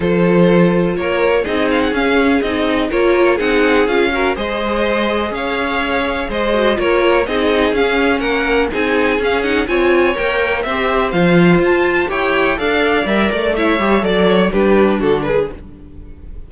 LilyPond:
<<
  \new Staff \with { instrumentName = "violin" } { \time 4/4 \tempo 4 = 124 c''2 cis''4 dis''8 f''16 fis''16 | f''4 dis''4 cis''4 fis''4 | f''4 dis''2 f''4~ | f''4 dis''4 cis''4 dis''4 |
f''4 fis''4 gis''4 f''8 fis''8 | gis''4 g''4 e''4 f''4 | a''4 g''4 f''4 e''8 d''8 | e''4 d''8 cis''8 b'4 a'8 b'8 | }
  \new Staff \with { instrumentName = "violin" } { \time 4/4 a'2 ais'4 gis'4~ | gis'2 ais'4 gis'4~ | gis'8 ais'8 c''2 cis''4~ | cis''4 c''4 ais'4 gis'4~ |
gis'4 ais'4 gis'2 | cis''2 c''2~ | c''4 cis''4 d''2 | cis''4 d''4 g'4 fis'8 gis'8 | }
  \new Staff \with { instrumentName = "viola" } { \time 4/4 f'2. dis'4 | cis'4 dis'4 f'4 dis'4 | f'8 fis'8 gis'2.~ | gis'4. fis'8 f'4 dis'4 |
cis'2 dis'4 cis'8 dis'8 | f'4 ais'4 g'4 f'4~ | f'4 g'4 a'4 ais'4 | e'8 g'8 a'4 d'2 | }
  \new Staff \with { instrumentName = "cello" } { \time 4/4 f2 ais4 c'4 | cis'4 c'4 ais4 c'4 | cis'4 gis2 cis'4~ | cis'4 gis4 ais4 c'4 |
cis'4 ais4 c'4 cis'4 | c'4 ais4 c'4 f4 | f'4 e'4 d'4 g8 a8~ | a8 g8 fis4 g4 d4 | }
>>